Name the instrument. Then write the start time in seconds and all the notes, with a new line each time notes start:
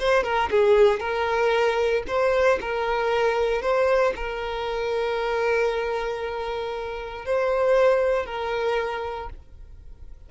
violin
0.00 C5
0.24 A#4
0.51 G#4
1.00 A#4
2.08 C5
2.61 A#4
3.62 C5
4.16 A#4
7.26 C5
8.26 A#4